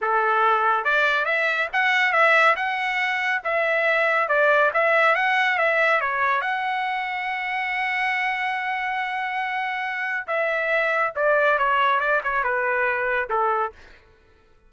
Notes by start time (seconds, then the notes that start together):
0.01 A4
0.84 D5
1.25 E5
1.72 F#5
2.12 E5
2.56 F#5
3.43 E5
4.28 D5
4.73 E5
5.15 F#5
5.58 E5
6.01 C#5
6.41 F#5
10.27 E5
11.15 D5
11.58 C#5
12.00 D5
12.23 C#5
12.43 B4
13.29 A4